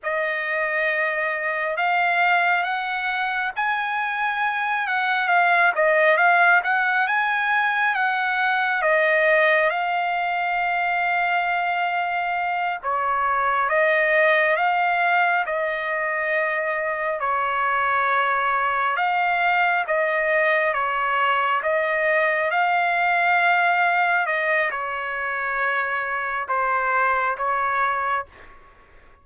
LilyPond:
\new Staff \with { instrumentName = "trumpet" } { \time 4/4 \tempo 4 = 68 dis''2 f''4 fis''4 | gis''4. fis''8 f''8 dis''8 f''8 fis''8 | gis''4 fis''4 dis''4 f''4~ | f''2~ f''8 cis''4 dis''8~ |
dis''8 f''4 dis''2 cis''8~ | cis''4. f''4 dis''4 cis''8~ | cis''8 dis''4 f''2 dis''8 | cis''2 c''4 cis''4 | }